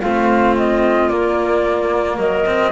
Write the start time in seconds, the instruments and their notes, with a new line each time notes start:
0.00 double bass A3, cello C4, clarinet F4, flute F5
0.56 flute D#5
1.08 double bass A#3, cello A#3, flute D5
2.17 double bass F#3, clarinet A#4, flute D#5
2.45 cello C4